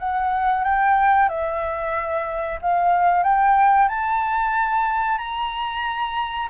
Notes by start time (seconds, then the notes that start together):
0.00 F#5
0.65 G5
1.30 E5
2.62 F5
3.23 G5
3.89 A5
5.19 A#5